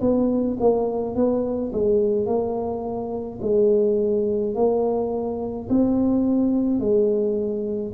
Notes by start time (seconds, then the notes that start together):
0.00 B3
0.60 A#3
1.15 B3
1.72 G#3
2.26 A#3
3.41 G#3
4.54 A#3
5.69 C4
6.79 G#3